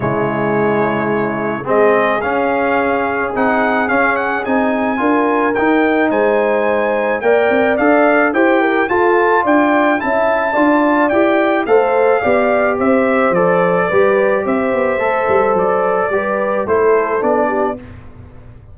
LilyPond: <<
  \new Staff \with { instrumentName = "trumpet" } { \time 4/4 \tempo 4 = 108 cis''2. dis''4 | f''2 fis''4 f''8 fis''8 | gis''2 g''4 gis''4~ | gis''4 g''4 f''4 g''4 |
a''4 g''4 a''2 | g''4 f''2 e''4 | d''2 e''2 | d''2 c''4 d''4 | }
  \new Staff \with { instrumentName = "horn" } { \time 4/4 e'2. gis'4~ | gis'1~ | gis'4 ais'2 c''4~ | c''4 d''2 c''8 ais'8 |
a'4 d''4 e''4 d''4~ | d''4 c''4 d''4 c''4~ | c''4 b'4 c''2~ | c''4 b'4 a'4. g'8 | }
  \new Staff \with { instrumentName = "trombone" } { \time 4/4 gis2. c'4 | cis'2 dis'4 cis'4 | dis'4 f'4 dis'2~ | dis'4 ais'4 a'4 g'4 |
f'2 e'4 f'4 | g'4 a'4 g'2 | a'4 g'2 a'4~ | a'4 g'4 e'4 d'4 | }
  \new Staff \with { instrumentName = "tuba" } { \time 4/4 cis2. gis4 | cis'2 c'4 cis'4 | c'4 d'4 dis'4 gis4~ | gis4 ais8 c'8 d'4 e'4 |
f'4 d'4 cis'4 d'4 | e'4 a4 b4 c'4 | f4 g4 c'8 b8 a8 g8 | fis4 g4 a4 b4 | }
>>